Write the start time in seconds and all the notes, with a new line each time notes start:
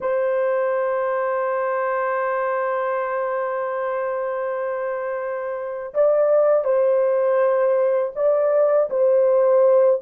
0.00 C5
5.94 D5
6.64 C5
8.15 D5
8.90 C5